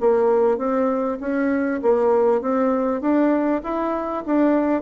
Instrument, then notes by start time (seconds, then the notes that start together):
bassoon
0.00 A#3
0.58 C4
1.20 C#4
1.82 A#3
2.41 C4
3.01 D4
3.63 E4
4.25 D4